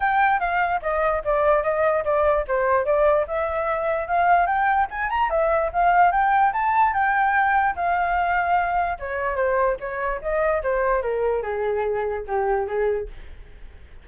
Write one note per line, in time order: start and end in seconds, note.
0.00 0.40 G5
0.40 0.81 F5
0.82 1.22 D#5
1.24 1.63 D5
1.63 2.04 D#5
2.04 2.45 D5
2.47 2.85 C5
2.85 3.26 D5
3.27 4.07 E5
4.07 4.46 F5
4.46 4.87 G5
4.90 5.09 G#5
5.09 5.29 A#5
5.29 5.70 E5
5.72 6.11 F5
6.11 6.52 G5
6.53 6.93 A5
6.93 7.75 G5
7.75 8.98 F5
8.99 9.36 C#5
9.36 9.76 C5
9.79 10.20 C#5
10.21 10.62 D#5
10.63 11.01 C5
11.01 11.42 A#4
11.42 12.24 G#4
12.27 12.67 G4
12.67 13.07 G#4